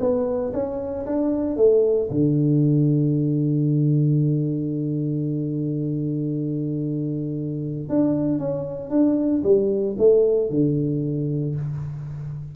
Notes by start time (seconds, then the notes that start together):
0.00 B3
0.53 C#4
1.06 D4
1.56 A3
2.11 D3
7.89 D4
8.39 C#4
8.90 D4
9.44 G3
9.98 A3
10.50 D3